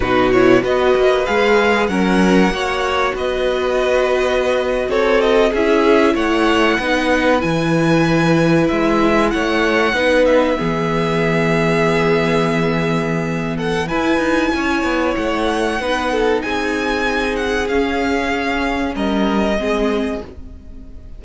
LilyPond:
<<
  \new Staff \with { instrumentName = "violin" } { \time 4/4 \tempo 4 = 95 b'8 cis''8 dis''4 f''4 fis''4~ | fis''4 dis''2~ dis''8. cis''16~ | cis''16 dis''8 e''4 fis''2 gis''16~ | gis''4.~ gis''16 e''4 fis''4~ fis''16~ |
fis''16 e''2.~ e''8.~ | e''4. fis''8 gis''2 | fis''2 gis''4. fis''8 | f''2 dis''2 | }
  \new Staff \with { instrumentName = "violin" } { \time 4/4 fis'4 b'2 ais'4 | cis''4 b'2~ b'8. a'16~ | a'8. gis'4 cis''4 b'4~ b'16~ | b'2~ b'8. cis''4 b'16~ |
b'8. gis'2.~ gis'16~ | gis'4. a'8 b'4 cis''4~ | cis''4 b'8 a'8 gis'2~ | gis'2 ais'4 gis'4 | }
  \new Staff \with { instrumentName = "viola" } { \time 4/4 dis'8 e'8 fis'4 gis'4 cis'4 | fis'1~ | fis'8. e'2 dis'4 e'16~ | e'2.~ e'8. dis'16~ |
dis'8. b2.~ b16~ | b2 e'2~ | e'4 dis'2. | cis'2. c'4 | }
  \new Staff \with { instrumentName = "cello" } { \time 4/4 b,4 b8 ais8 gis4 fis4 | ais4 b2~ b8. c'16~ | c'8. cis'4 a4 b4 e16~ | e4.~ e16 gis4 a4 b16~ |
b8. e2.~ e16~ | e2 e'8 dis'8 cis'8 b8 | a4 b4 c'2 | cis'2 g4 gis4 | }
>>